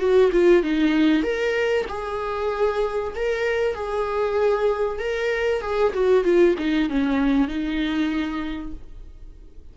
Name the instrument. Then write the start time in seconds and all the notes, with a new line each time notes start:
viola
0.00 F#4
0.33 F4
0.63 D#4
1.24 A#4
1.89 G#4
3.16 A#4
3.75 G#4
4.99 A#4
5.62 G#4
5.94 F#4
6.24 F4
6.59 D#4
6.90 C#4
7.48 D#4